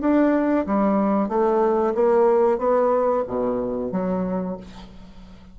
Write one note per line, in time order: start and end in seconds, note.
0.00 0.65 D4
0.66 1.28 G3
1.28 1.94 A3
1.94 2.58 A#3
2.58 3.23 B3
3.27 3.91 B2
3.91 4.57 F#3